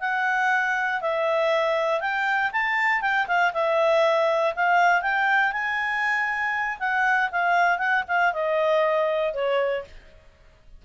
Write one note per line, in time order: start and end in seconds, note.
0.00 1.01 F#5
1.01 2.00 E5
2.00 2.51 G5
2.52 3.01 A5
3.01 3.26 G5
3.27 3.52 F5
3.53 4.54 E5
4.55 5.01 F5
5.01 5.52 G5
5.52 6.78 G#5
6.79 7.30 F#5
7.31 7.78 F5
7.78 8.03 F#5
8.08 8.33 F5
8.33 9.33 D#5
9.34 9.84 C#5